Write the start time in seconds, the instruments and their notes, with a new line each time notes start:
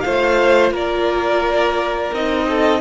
0.00 cello A3, viola F4, violin C5 F5
0.71 cello A#3, violin A#4 D5
2.12 cello C4, viola D#4, violin D#5
2.48 violin A4